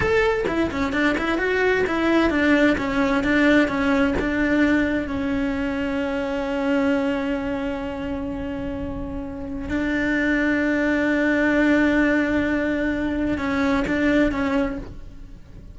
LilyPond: \new Staff \with { instrumentName = "cello" } { \time 4/4 \tempo 4 = 130 a'4 e'8 cis'8 d'8 e'8 fis'4 | e'4 d'4 cis'4 d'4 | cis'4 d'2 cis'4~ | cis'1~ |
cis'1~ | cis'4 d'2.~ | d'1~ | d'4 cis'4 d'4 cis'4 | }